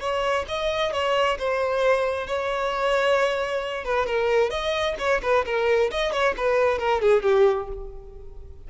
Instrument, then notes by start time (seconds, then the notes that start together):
violin
0.00 C#5
0.48 D#5
0.92 C#5
1.38 C5
2.27 C#5
3.84 B4
4.06 A#4
4.50 D#5
4.98 C#5
5.22 B4
5.45 A#4
5.91 D#5
6.12 C#5
6.37 B4
6.79 A#4
7.01 G#4
7.22 G4